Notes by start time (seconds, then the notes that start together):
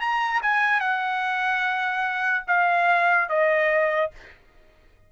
0.00 A#5
0.42 G#5
0.80 F#5
2.47 F5
3.29 D#5